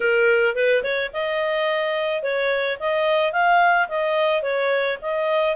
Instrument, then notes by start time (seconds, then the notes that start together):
clarinet
0.00 A#4
0.55 B4
0.83 C#5
1.13 D#5
2.22 C#5
2.79 D#5
3.32 F5
3.88 D#5
4.42 C#5
5.01 D#5